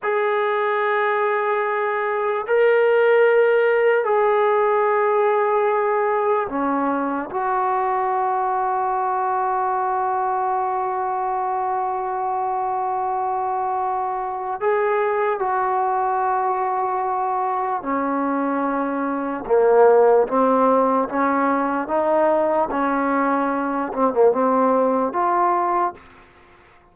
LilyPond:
\new Staff \with { instrumentName = "trombone" } { \time 4/4 \tempo 4 = 74 gis'2. ais'4~ | ais'4 gis'2. | cis'4 fis'2.~ | fis'1~ |
fis'2 gis'4 fis'4~ | fis'2 cis'2 | ais4 c'4 cis'4 dis'4 | cis'4. c'16 ais16 c'4 f'4 | }